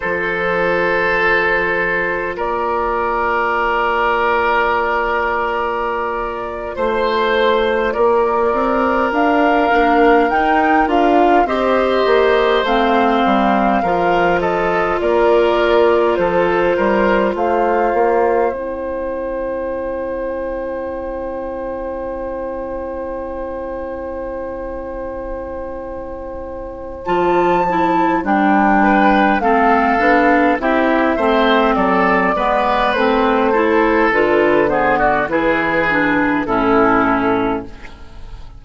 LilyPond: <<
  \new Staff \with { instrumentName = "flute" } { \time 4/4 \tempo 4 = 51 c''2 d''2~ | d''4.~ d''16 c''4 d''4 f''16~ | f''8. g''8 f''8 dis''4 f''4~ f''16~ | f''16 dis''8 d''4 c''4 f''4 g''16~ |
g''1~ | g''2. a''4 | g''4 f''4 e''4 d''4 | c''4 b'8 c''16 d''16 b'4 a'4 | }
  \new Staff \with { instrumentName = "oboe" } { \time 4/4 a'2 ais'2~ | ais'4.~ ais'16 c''4 ais'4~ ais'16~ | ais'4.~ ais'16 c''2 ais'16~ | ais'16 a'8 ais'4 a'8 ais'8 c''4~ c''16~ |
c''1~ | c''1~ | c''8 b'8 a'4 g'8 c''8 a'8 b'8~ | b'8 a'4 gis'16 fis'16 gis'4 e'4 | }
  \new Staff \with { instrumentName = "clarinet" } { \time 4/4 f'1~ | f'1~ | f'16 d'8 dis'8 f'8 g'4 c'4 f'16~ | f'2.~ f'8. e'16~ |
e'1~ | e'2. f'8 e'8 | d'4 c'8 d'8 e'8 c'4 b8 | c'8 e'8 f'8 b8 e'8 d'8 cis'4 | }
  \new Staff \with { instrumentName = "bassoon" } { \time 4/4 f2 ais2~ | ais4.~ ais16 a4 ais8 c'8 d'16~ | d'16 ais8 dis'8 d'8 c'8 ais8 a8 g8 f16~ | f8. ais4 f8 g8 a8 ais8 c'16~ |
c'1~ | c'2. f4 | g4 a8 b8 c'8 a8 fis8 gis8 | a4 d4 e4 a,4 | }
>>